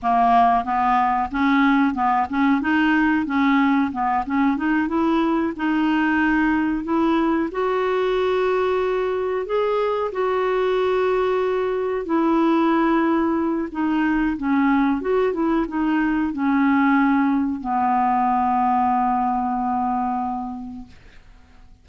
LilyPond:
\new Staff \with { instrumentName = "clarinet" } { \time 4/4 \tempo 4 = 92 ais4 b4 cis'4 b8 cis'8 | dis'4 cis'4 b8 cis'8 dis'8 e'8~ | e'8 dis'2 e'4 fis'8~ | fis'2~ fis'8 gis'4 fis'8~ |
fis'2~ fis'8 e'4.~ | e'4 dis'4 cis'4 fis'8 e'8 | dis'4 cis'2 b4~ | b1 | }